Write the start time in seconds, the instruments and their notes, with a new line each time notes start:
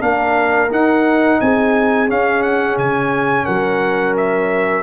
0.00 tuba A#3, trombone D4, horn A#4, trumpet F5
0.70 trombone D#4, tuba D#4, trumpet F#5
1.40 tuba C4, horn G#4, trumpet G#5
2.08 trombone C#4, tuba C#4, trumpet F5
2.42 trumpet F#5
2.77 tuba C#3, trumpet G#5
3.45 tuba F#3, horn A#4, trumpet F#5
4.17 trumpet E5